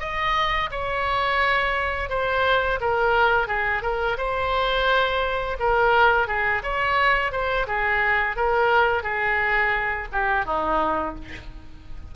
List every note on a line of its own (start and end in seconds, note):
0.00 0.70 D#5
0.71 2.10 C#5
2.10 2.79 C5
2.81 3.47 A#4
3.47 3.82 G#4
3.82 4.17 A#4
4.17 5.57 C5
5.59 6.27 A#4
6.27 6.62 G#4
6.63 7.32 C#5
7.32 7.66 C5
7.67 8.36 G#4
8.36 9.03 A#4
9.03 10.08 G#4
10.12 10.45 G4
10.45 11.15 D#4